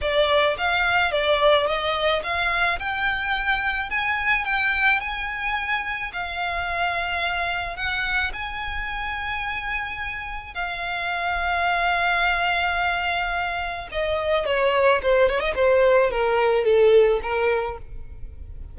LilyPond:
\new Staff \with { instrumentName = "violin" } { \time 4/4 \tempo 4 = 108 d''4 f''4 d''4 dis''4 | f''4 g''2 gis''4 | g''4 gis''2 f''4~ | f''2 fis''4 gis''4~ |
gis''2. f''4~ | f''1~ | f''4 dis''4 cis''4 c''8 cis''16 dis''16 | c''4 ais'4 a'4 ais'4 | }